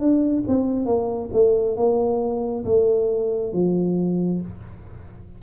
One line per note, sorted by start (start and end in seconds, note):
0.00 0.44 D4
0.48 0.86 C4
0.86 1.30 A#3
1.34 1.77 A3
1.77 2.65 A#3
2.65 3.53 A3
3.53 4.42 F3